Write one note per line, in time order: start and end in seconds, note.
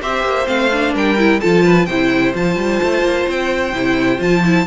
0.00 0.23 C4
0.00 0.45 G4
0.00 0.94 C5
0.00 0.47 E5
0.23 0.46 A#3
0.45 0.94 A3
0.45 0.68 C4
0.45 0.94 F5
0.72 1.18 D4
0.94 1.40 G3
0.94 1.40 A#4
0.94 1.40 G5
1.18 1.41 E4
1.40 1.87 F3
1.40 1.88 F4
1.40 1.64 A4
1.40 1.86 A5
1.64 1.87 B4
1.86 2.34 C3
1.86 2.33 E4
1.86 4.66 C5
1.86 2.32 G5
2.33 2.56 F3
2.33 3.73 F4
2.33 3.30 A5
2.56 2.79 G3
2.83 3.02 A3
3.02 3.25 A#3
3.28 3.73 C4
3.28 4.22 G5
3.73 4.19 C3
3.73 4.18 E4
4.18 4.66 F3
4.18 4.41 F4
4.18 4.66 A5
4.44 4.66 E4